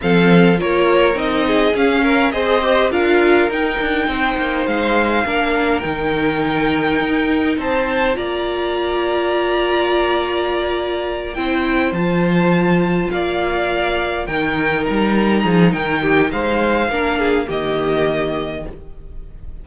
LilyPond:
<<
  \new Staff \with { instrumentName = "violin" } { \time 4/4 \tempo 4 = 103 f''4 cis''4 dis''4 f''4 | dis''4 f''4 g''2 | f''2 g''2~ | g''4 a''4 ais''2~ |
ais''2.~ ais''8 g''8~ | g''8 a''2 f''4.~ | f''8 g''4 ais''4. g''4 | f''2 dis''2 | }
  \new Staff \with { instrumentName = "violin" } { \time 4/4 a'4 ais'4. gis'4 ais'8 | c''4 ais'2 c''4~ | c''4 ais'2.~ | ais'4 c''4 d''2~ |
d''2.~ d''8 c''8~ | c''2~ c''8 d''4.~ | d''8 ais'2 gis'8 ais'8 g'8 | c''4 ais'8 gis'8 g'2 | }
  \new Staff \with { instrumentName = "viola" } { \time 4/4 c'4 f'4 dis'4 cis'4 | gis'8 g'8 f'4 dis'2~ | dis'4 d'4 dis'2~ | dis'2 f'2~ |
f'2.~ f'8 e'8~ | e'8 f'2.~ f'8~ | f'8 dis'2.~ dis'8~ | dis'4 d'4 ais2 | }
  \new Staff \with { instrumentName = "cello" } { \time 4/4 f4 ais4 c'4 cis'4 | c'4 d'4 dis'8 d'8 c'8 ais8 | gis4 ais4 dis2 | dis'4 c'4 ais2~ |
ais2.~ ais8 c'8~ | c'8 f2 ais4.~ | ais8 dis4 g4 f8 dis4 | gis4 ais4 dis2 | }
>>